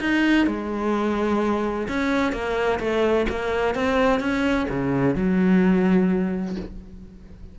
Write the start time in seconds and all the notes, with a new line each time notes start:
0.00 D#4
0.47 G#3
1.88 C#4
2.32 A#3
2.79 A3
3.29 A#3
3.75 C4
4.20 C#4
4.69 C#3
5.15 F#3